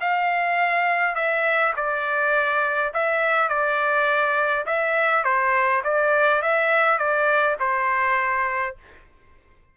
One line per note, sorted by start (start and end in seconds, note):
0.00 1.15 F5
1.15 1.73 E5
1.76 2.92 D5
2.93 3.48 E5
3.48 4.65 D5
4.65 5.23 E5
5.23 5.82 C5
5.83 6.42 D5
6.42 6.98 E5
6.98 7.56 D5
7.59 8.76 C5